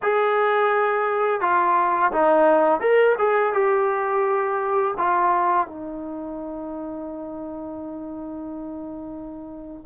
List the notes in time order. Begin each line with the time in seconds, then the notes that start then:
0.02 G#4
1.41 F4
2.12 D#4
2.80 A#4
3.18 G#4
3.53 G4
4.97 F4
5.67 D#4